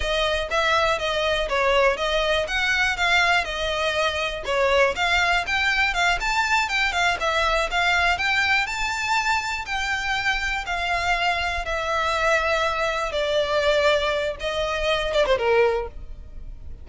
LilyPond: \new Staff \with { instrumentName = "violin" } { \time 4/4 \tempo 4 = 121 dis''4 e''4 dis''4 cis''4 | dis''4 fis''4 f''4 dis''4~ | dis''4 cis''4 f''4 g''4 | f''8 a''4 g''8 f''8 e''4 f''8~ |
f''8 g''4 a''2 g''8~ | g''4. f''2 e''8~ | e''2~ e''8 d''4.~ | d''4 dis''4. d''16 c''16 ais'4 | }